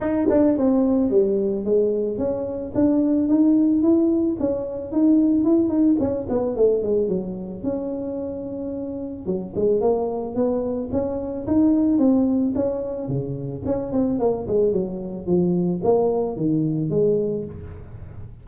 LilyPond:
\new Staff \with { instrumentName = "tuba" } { \time 4/4 \tempo 4 = 110 dis'8 d'8 c'4 g4 gis4 | cis'4 d'4 dis'4 e'4 | cis'4 dis'4 e'8 dis'8 cis'8 b8 | a8 gis8 fis4 cis'2~ |
cis'4 fis8 gis8 ais4 b4 | cis'4 dis'4 c'4 cis'4 | cis4 cis'8 c'8 ais8 gis8 fis4 | f4 ais4 dis4 gis4 | }